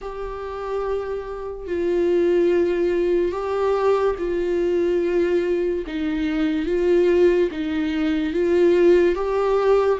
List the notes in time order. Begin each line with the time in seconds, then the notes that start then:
0.01 G4
1.67 F4
3.31 G4
4.18 F4
5.86 D#4
6.66 F4
7.51 D#4
8.33 F4
9.15 G4